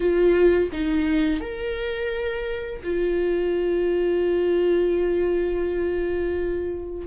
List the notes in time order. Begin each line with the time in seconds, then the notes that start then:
0.00 F4
0.72 D#4
1.40 A#4
2.83 F4